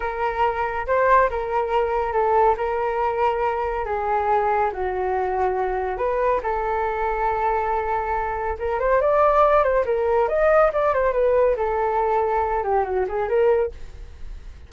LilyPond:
\new Staff \with { instrumentName = "flute" } { \time 4/4 \tempo 4 = 140 ais'2 c''4 ais'4~ | ais'4 a'4 ais'2~ | ais'4 gis'2 fis'4~ | fis'2 b'4 a'4~ |
a'1 | ais'8 c''8 d''4. c''8 ais'4 | dis''4 d''8 c''8 b'4 a'4~ | a'4. g'8 fis'8 gis'8 ais'4 | }